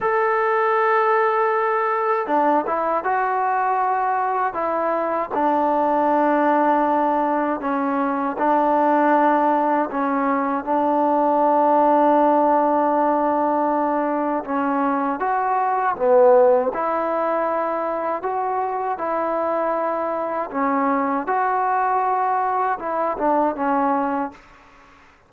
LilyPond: \new Staff \with { instrumentName = "trombone" } { \time 4/4 \tempo 4 = 79 a'2. d'8 e'8 | fis'2 e'4 d'4~ | d'2 cis'4 d'4~ | d'4 cis'4 d'2~ |
d'2. cis'4 | fis'4 b4 e'2 | fis'4 e'2 cis'4 | fis'2 e'8 d'8 cis'4 | }